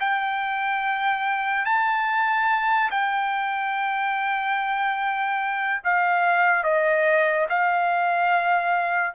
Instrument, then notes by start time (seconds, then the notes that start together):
trumpet
0.00 G5
1.65 A5
2.91 G5
5.84 F5
6.64 D#5
7.49 F5